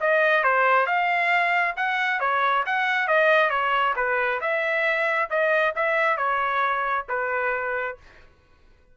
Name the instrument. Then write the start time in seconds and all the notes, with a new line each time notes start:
trumpet
0.00 D#5
0.43 C5
0.86 F5
1.76 F#5
2.20 C#5
2.66 F#5
3.07 D#5
3.50 C#5
3.96 B4
4.41 E5
5.30 D#5
5.75 E5
6.17 C#5
7.09 B4